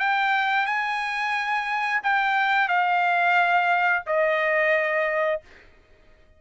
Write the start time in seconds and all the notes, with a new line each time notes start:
0.00 G5
0.66 G#5
2.03 G5
2.68 F5
4.07 D#5